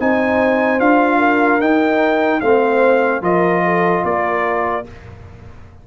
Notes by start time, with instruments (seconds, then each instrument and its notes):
0.00 tuba C4, trombone D#4, horn C5, trumpet G#5
0.80 tuba D4, trombone F4, trumpet F5
1.18 horn A#4
1.60 tuba D#4, trombone D#4, trumpet G5
2.41 tuba A3, trombone C4, horn C5, trumpet F5
3.22 tuba F3, trombone F4, horn A#4, trumpet D#5
3.64 horn A4
4.04 tuba A#3, horn A#4, trumpet D5